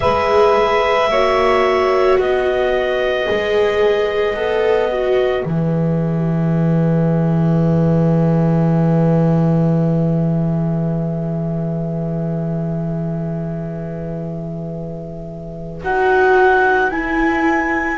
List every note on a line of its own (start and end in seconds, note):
0.00 1.08 G#3
0.00 1.07 G#4
0.00 1.10 B4
0.00 2.18 E5
1.08 2.17 A#3
1.08 3.25 F#4
1.08 2.19 C#5
2.18 3.27 B3
2.18 17.97 B4
2.18 5.44 D#5
3.25 4.34 G#3
3.25 4.35 G#4
4.34 5.43 B3
4.34 4.90 A4
4.91 5.45 F#4
5.44 15.81 E3
5.44 15.81 G#4
5.44 15.81 E5
15.82 16.89 D#4
15.82 16.91 F#4
15.82 16.91 F#5
16.89 17.97 E4
16.89 17.97 G#5